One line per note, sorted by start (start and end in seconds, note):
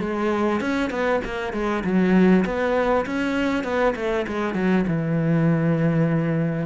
0.00 0.61 G#3
0.61 0.90 C#4
0.90 1.21 B3
1.25 1.53 A#3
1.53 1.83 G#3
1.84 2.45 F#3
2.45 3.06 B3
3.06 3.64 C#4
3.64 3.94 B3
3.96 4.26 A3
4.28 4.54 G#3
4.54 4.85 F#3
4.88 6.66 E3